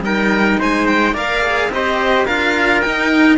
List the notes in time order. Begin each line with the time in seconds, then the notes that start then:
0.00 G3 D#4 A#4 G5
0.59 G#3 C5 G#5
0.86 G5
1.13 A#3 A#4 D5 F5
1.42 G#4
1.69 C4 G4 C5 D#5
2.25 D4 F4 A#4 F5
2.80 D#4 G5